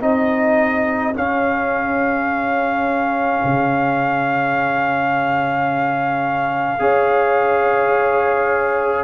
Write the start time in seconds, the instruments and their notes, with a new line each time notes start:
0.00 tuba C4, trombone D#4, horn G#4, trumpet D#5
1.14 trombone C#4, tuba C#4, trumpet F5
3.44 tuba C#3
6.79 tuba C#4, trombone G#4, horn C#5